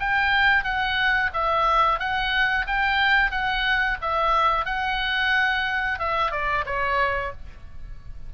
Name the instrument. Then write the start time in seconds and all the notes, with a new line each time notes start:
oboe
0.00 G5
0.64 F#5
1.34 E5
1.99 F#5
2.67 G5
3.31 F#5
4.01 E5
4.65 F#5
5.99 E5
6.31 D5
6.66 C#5